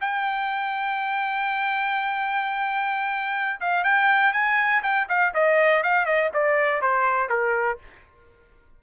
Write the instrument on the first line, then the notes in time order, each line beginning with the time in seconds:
trumpet
0.00 G5
3.60 F5
3.84 G5
4.32 G#5
4.83 G5
5.08 F5
5.34 D#5
5.83 F5
6.05 D#5
6.33 D5
6.81 C5
7.29 A#4